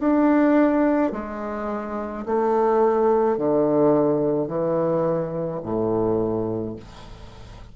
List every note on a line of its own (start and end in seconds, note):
0.00 1.12 D4
1.12 2.25 G#3
2.25 3.37 A3
3.37 4.47 D3
4.47 5.60 E3
5.62 6.76 A2